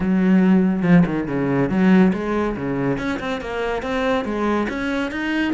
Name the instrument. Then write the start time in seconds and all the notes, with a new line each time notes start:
cello
0.00 F#3
0.82 F3
1.06 D#3
1.27 C#3
1.69 F#3
2.13 G#3
2.56 C#3
2.97 C#4
3.19 C4
3.40 A#3
3.82 C4
4.24 G#3
4.68 C#4
5.11 D#4